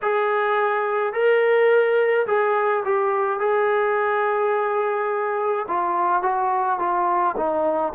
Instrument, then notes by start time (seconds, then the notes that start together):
trombone
0.02 G#4
1.13 A#4
2.26 G#4
2.85 G4
3.40 G#4
5.68 F4
6.22 F#4
6.79 F4
7.36 D#4